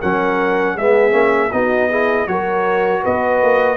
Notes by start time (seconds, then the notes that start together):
0.00 F#3 C#4 A#4 F#5
0.75 G#3 B3 G#4 E5
1.12 A#3 C#4
1.52 B3 D#4 F#4 D#5
1.90 E4 G#4
2.28 F#3 F#4 A#4 C#5
3.03 B3 B4 D#5
3.42 A#3